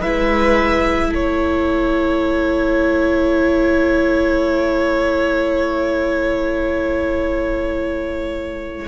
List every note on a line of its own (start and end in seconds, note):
0.00 1.12 G#3
0.00 8.88 E4
0.00 1.09 B4
0.00 1.13 E5
1.09 8.88 A3
1.09 8.86 A4
1.09 8.88 C#5